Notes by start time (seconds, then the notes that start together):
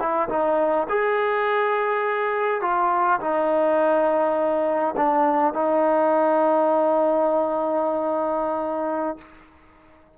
0.00 E4
0.30 D#4
0.89 G#4
2.62 F4
3.21 D#4
4.97 D4
5.54 D#4